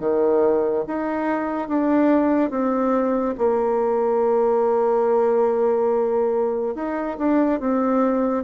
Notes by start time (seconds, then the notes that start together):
0.00 D#3
0.87 D#4
1.68 D4
2.50 C4
3.38 A#3
6.75 D#4
7.19 D4
7.60 C4